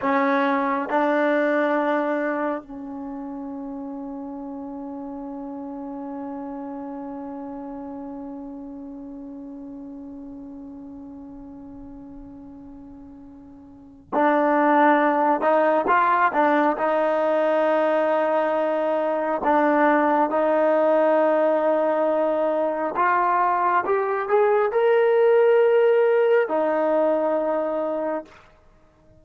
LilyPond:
\new Staff \with { instrumentName = "trombone" } { \time 4/4 \tempo 4 = 68 cis'4 d'2 cis'4~ | cis'1~ | cis'1~ | cis'1 |
d'4. dis'8 f'8 d'8 dis'4~ | dis'2 d'4 dis'4~ | dis'2 f'4 g'8 gis'8 | ais'2 dis'2 | }